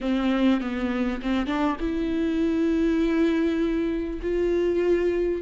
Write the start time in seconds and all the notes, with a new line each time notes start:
0.00 C4
0.60 B3
1.22 C4
1.46 D4
1.79 E4
4.22 F4